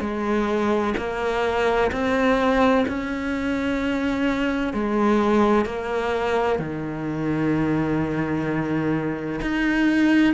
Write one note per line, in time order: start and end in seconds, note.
0.00 0.94 G#3
0.97 1.91 A#3
1.91 2.85 C4
2.88 4.73 C#4
4.73 5.65 G#3
5.65 6.59 A#3
6.59 9.40 D#3
9.41 10.34 D#4